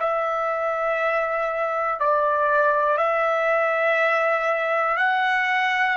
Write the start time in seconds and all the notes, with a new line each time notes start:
0.00 E5
2.00 D5
2.98 E5
4.97 F#5